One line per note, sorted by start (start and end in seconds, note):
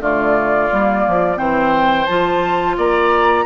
0.00 0.69 D3
0.00 0.69 A3
0.00 1.38 F4
0.00 1.37 D5
0.71 1.06 G3
0.71 1.36 A#3
1.07 1.38 F3
1.36 2.07 E3
1.36 2.05 C4
1.36 2.76 C5
1.36 2.05 G5
2.05 2.77 F3
2.05 3.45 F4
2.05 2.74 A5
2.77 3.45 A#3
2.77 3.45 D5
2.77 3.45 A#5